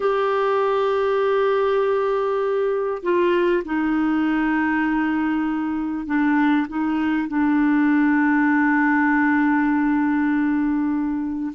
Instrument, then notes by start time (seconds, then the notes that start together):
clarinet
0.00 G4
3.02 F4
3.64 D#4
6.06 D4
6.67 D#4
7.28 D4